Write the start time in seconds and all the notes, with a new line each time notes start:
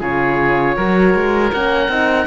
0.00 C#3 F4 G#4 C#5
0.77 F#3 F#4 A#4
1.14 G#3
1.53 A#3 C#4 F#5
1.89 C4 D#4